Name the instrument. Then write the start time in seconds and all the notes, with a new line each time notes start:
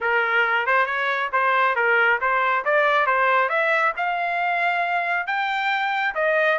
trumpet
0.01 A#4
0.66 C5
0.86 C#5
1.32 C5
1.75 A#4
2.20 C5
2.64 D5
3.06 C5
3.49 E5
3.96 F5
5.27 G5
6.15 D#5